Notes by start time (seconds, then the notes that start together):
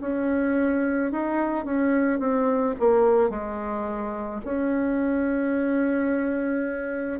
0.00 C#4
1.11 D#4
1.65 C#4
2.19 C4
2.79 A#3
3.29 G#3
4.44 C#4